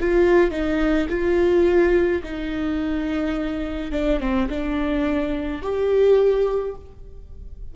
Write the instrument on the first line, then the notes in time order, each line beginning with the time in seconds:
viola
0.00 F4
0.51 D#4
1.09 F4
2.23 D#4
3.92 D4
4.20 C4
4.49 D4
5.62 G4